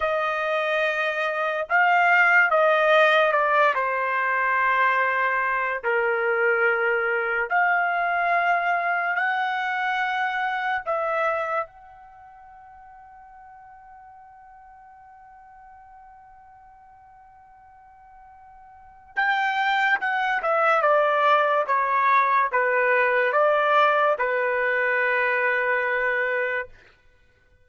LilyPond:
\new Staff \with { instrumentName = "trumpet" } { \time 4/4 \tempo 4 = 72 dis''2 f''4 dis''4 | d''8 c''2~ c''8 ais'4~ | ais'4 f''2 fis''4~ | fis''4 e''4 fis''2~ |
fis''1~ | fis''2. g''4 | fis''8 e''8 d''4 cis''4 b'4 | d''4 b'2. | }